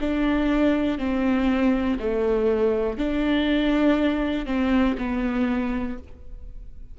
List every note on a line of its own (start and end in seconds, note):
0.00 0.98 D4
0.98 1.98 C4
1.99 2.97 A3
2.97 4.45 D4
4.45 4.95 C4
4.97 5.97 B3